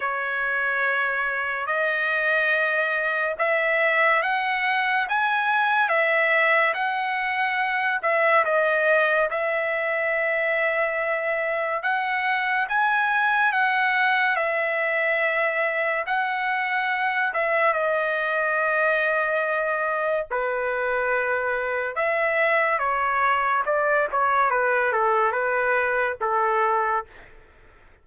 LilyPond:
\new Staff \with { instrumentName = "trumpet" } { \time 4/4 \tempo 4 = 71 cis''2 dis''2 | e''4 fis''4 gis''4 e''4 | fis''4. e''8 dis''4 e''4~ | e''2 fis''4 gis''4 |
fis''4 e''2 fis''4~ | fis''8 e''8 dis''2. | b'2 e''4 cis''4 | d''8 cis''8 b'8 a'8 b'4 a'4 | }